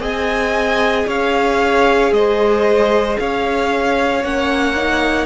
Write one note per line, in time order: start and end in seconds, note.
0.00 1.06 C4
0.00 4.21 G#4
0.00 1.07 D#5
0.00 1.10 G#5
1.07 2.12 C#4
1.07 2.12 C#5
1.07 2.14 F5
2.12 3.17 G#3
2.12 3.20 C5
2.12 3.19 D#5
3.19 4.24 C#4
3.19 5.27 C#5
3.19 4.25 F5
4.24 5.27 A#3
4.24 4.76 C#4
4.24 5.27 F#5
4.76 5.27 D#4